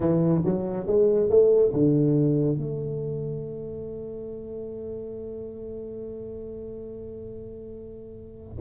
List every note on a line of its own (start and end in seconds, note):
0.00 0.42 E3
0.44 0.86 F#3
0.86 1.29 G#3
1.29 1.72 A3
1.73 2.57 D3
2.57 8.57 A3